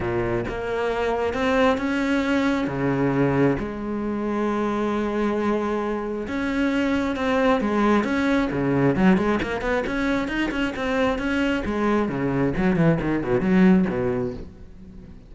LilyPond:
\new Staff \with { instrumentName = "cello" } { \time 4/4 \tempo 4 = 134 ais,4 ais2 c'4 | cis'2 cis2 | gis1~ | gis2 cis'2 |
c'4 gis4 cis'4 cis4 | fis8 gis8 ais8 b8 cis'4 dis'8 cis'8 | c'4 cis'4 gis4 cis4 | fis8 e8 dis8 b,8 fis4 b,4 | }